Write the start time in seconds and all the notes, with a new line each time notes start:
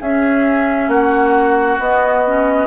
0.00 C#4 G#4 E5
0.88 A#3 F#4 F#5
1.78 B3 D#5
2.26 C#4